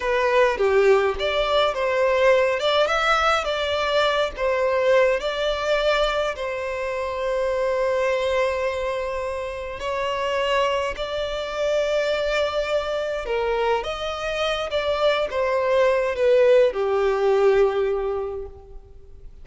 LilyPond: \new Staff \with { instrumentName = "violin" } { \time 4/4 \tempo 4 = 104 b'4 g'4 d''4 c''4~ | c''8 d''8 e''4 d''4. c''8~ | c''4 d''2 c''4~ | c''1~ |
c''4 cis''2 d''4~ | d''2. ais'4 | dis''4. d''4 c''4. | b'4 g'2. | }